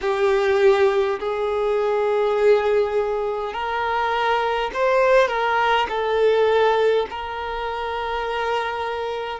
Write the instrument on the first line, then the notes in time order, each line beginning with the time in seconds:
violin
0.01 G4
1.19 G#4
3.53 A#4
4.73 C5
5.27 A#4
5.88 A4
7.10 A#4